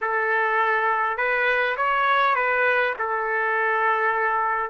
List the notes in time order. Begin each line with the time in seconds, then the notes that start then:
0.01 A4
1.17 B4
1.76 C#5
2.35 B4
2.98 A4